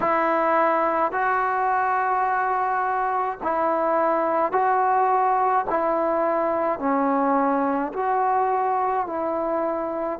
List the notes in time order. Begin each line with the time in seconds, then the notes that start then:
0.00 E4
1.12 F#4
3.42 E4
4.52 F#4
5.69 E4
6.79 C#4
7.92 F#4
9.06 E4